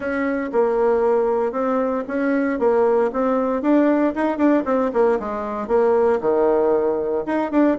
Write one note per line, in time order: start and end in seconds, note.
0.00 0.50 C#4
0.52 1.51 A#3
1.51 2.03 C4
2.07 2.59 C#4
2.59 3.10 A#3
3.12 3.62 C4
3.62 4.13 D4
4.15 4.37 D#4
4.37 4.63 D4
4.65 4.91 C4
4.93 5.19 A#3
5.19 5.67 G#3
5.67 6.19 A#3
6.21 7.24 D#3
7.26 7.51 D#4
7.51 7.77 D4